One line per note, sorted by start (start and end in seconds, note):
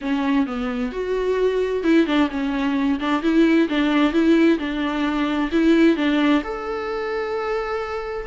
0.01 0.46 C#4
0.46 0.92 B3
0.92 1.83 F#4
1.83 2.06 E4
2.06 2.29 D4
2.30 2.99 C#4
2.99 3.22 D4
3.22 3.68 E4
3.68 4.12 D4
4.12 4.58 E4
4.58 5.50 D4
5.51 5.96 E4
5.96 6.42 D4
6.43 8.26 A4